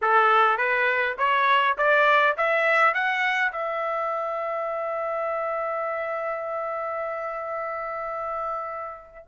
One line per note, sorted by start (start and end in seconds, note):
0.01 0.57 A4
0.57 1.16 B4
1.18 1.76 C#5
1.77 2.36 D5
2.37 2.94 E5
2.94 3.52 F#5
3.52 9.25 E5